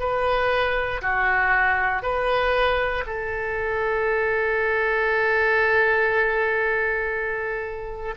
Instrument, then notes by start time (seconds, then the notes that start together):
oboe
0.00 B4
1.02 F#4
2.03 B4
3.07 A4